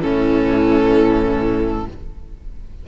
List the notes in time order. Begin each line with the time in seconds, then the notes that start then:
0.00 A2 E3 C#4 A4